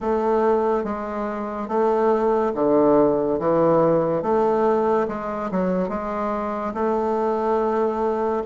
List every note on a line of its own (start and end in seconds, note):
0.00 0.84 A3
0.84 1.67 G#3
1.67 2.52 A3
2.54 3.39 D3
3.39 4.22 E3
4.22 5.07 A3
5.07 5.50 G#3
5.51 5.88 F#3
5.88 6.73 G#3
6.73 8.42 A3